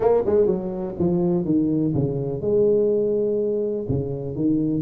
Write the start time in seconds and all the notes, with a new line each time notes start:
0.00 A#3
0.26 G#3
0.46 F#3
0.99 F3
1.45 D#3
1.94 C#3
2.41 G#3
3.88 C#3
4.35 D#3